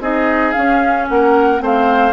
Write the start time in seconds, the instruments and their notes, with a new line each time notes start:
0.00 bassoon C4, clarinet D#4, oboe G#4, flute D#5
0.52 clarinet C#4, bassoon C#4, flute F5
1.09 bassoon A#3, oboe A#4, flute F#5
1.59 bassoon A3, clarinet C4, oboe C5
1.66 flute F5